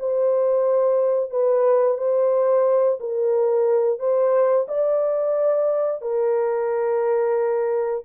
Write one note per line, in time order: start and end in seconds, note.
0.00 1.31 C5
1.31 1.98 B4
1.98 2.99 C5
3.00 3.99 A#4
3.99 4.67 C5
4.69 6.02 D5
6.02 8.04 A#4